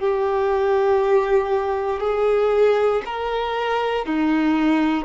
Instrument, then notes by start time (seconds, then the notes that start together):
violin
0.00 G4
2.00 G#4
3.06 A#4
4.06 D#4